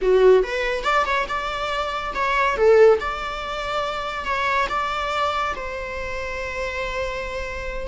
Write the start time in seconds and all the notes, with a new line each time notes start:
0.01 F#4
0.43 B4
0.83 D5
1.05 C#5
1.28 D5
2.14 C#5
2.56 A4
3.00 D5
4.24 C#5
4.69 D5
5.55 C5